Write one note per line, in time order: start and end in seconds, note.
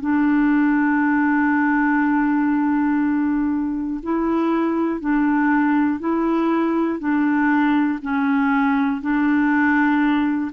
0.00 4.00 D4
4.02 5.00 E4
5.00 5.99 D4
5.99 6.99 E4
6.99 7.99 D4
8.01 9.01 C#4
9.01 10.51 D4